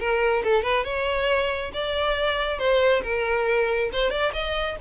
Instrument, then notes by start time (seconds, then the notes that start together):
violin
0.00 A#4
0.44 A4
0.63 B4
0.85 C#5
1.74 D5
2.59 C5
3.04 A#4
3.93 C5
4.11 D5
4.33 D#5